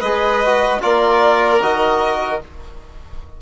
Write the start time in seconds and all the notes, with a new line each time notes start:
0.00 G#3 G#4 B4 D#5
0.45 F#4
0.80 A#3 F4 A#4 D5
1.61 D#3 F#4 D#5